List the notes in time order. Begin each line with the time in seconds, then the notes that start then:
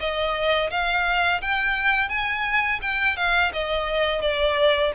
0.00 D#5
0.71 F5
1.42 G5
2.10 G#5
2.82 G5
3.17 F5
3.54 D#5
4.22 D5